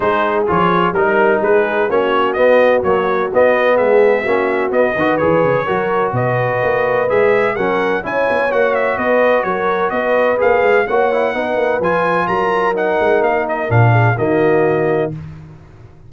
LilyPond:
<<
  \new Staff \with { instrumentName = "trumpet" } { \time 4/4 \tempo 4 = 127 c''4 cis''4 ais'4 b'4 | cis''4 dis''4 cis''4 dis''4 | e''2 dis''4 cis''4~ | cis''4 dis''2 e''4 |
fis''4 gis''4 fis''8 e''8 dis''4 | cis''4 dis''4 f''4 fis''4~ | fis''4 gis''4 ais''4 fis''4 | f''8 dis''8 f''4 dis''2 | }
  \new Staff \with { instrumentName = "horn" } { \time 4/4 gis'2 ais'4 gis'4 | fis'1 | gis'4 fis'4. b'4. | ais'4 b'2. |
ais'4 cis''2 b'4 | ais'4 b'2 cis''4 | b'2 ais'2~ | ais'4. gis'8 fis'2 | }
  \new Staff \with { instrumentName = "trombone" } { \time 4/4 dis'4 f'4 dis'2 | cis'4 b4 fis4 b4~ | b4 cis'4 b8 fis'8 gis'4 | fis'2. gis'4 |
cis'4 e'4 fis'2~ | fis'2 gis'4 fis'8 e'8 | dis'4 f'2 dis'4~ | dis'4 d'4 ais2 | }
  \new Staff \with { instrumentName = "tuba" } { \time 4/4 gis4 f4 g4 gis4 | ais4 b4 ais4 b4 | gis4 ais4 b8 dis8 e8 cis8 | fis4 b,4 ais4 gis4 |
fis4 cis'8 b8 ais4 b4 | fis4 b4 ais8 gis8 ais4 | b8 ais8 f4 fis4. gis8 | ais4 ais,4 dis2 | }
>>